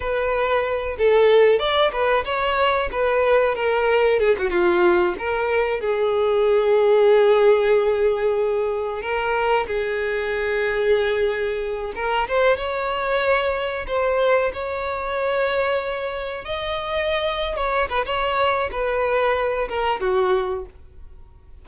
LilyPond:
\new Staff \with { instrumentName = "violin" } { \time 4/4 \tempo 4 = 93 b'4. a'4 d''8 b'8 cis''8~ | cis''8 b'4 ais'4 gis'16 fis'16 f'4 | ais'4 gis'2.~ | gis'2 ais'4 gis'4~ |
gis'2~ gis'8 ais'8 c''8 cis''8~ | cis''4. c''4 cis''4.~ | cis''4. dis''4.~ dis''16 cis''8 b'16 | cis''4 b'4. ais'8 fis'4 | }